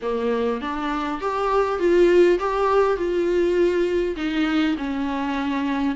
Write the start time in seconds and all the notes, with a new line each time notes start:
0.02 A#3
0.61 D4
1.20 G4
1.79 F4
2.39 G4
2.96 F4
4.16 D#4
4.77 C#4